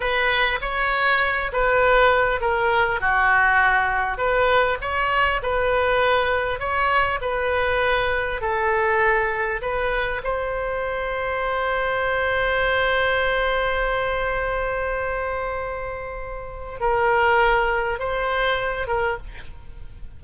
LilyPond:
\new Staff \with { instrumentName = "oboe" } { \time 4/4 \tempo 4 = 100 b'4 cis''4. b'4. | ais'4 fis'2 b'4 | cis''4 b'2 cis''4 | b'2 a'2 |
b'4 c''2.~ | c''1~ | c''1 | ais'2 c''4. ais'8 | }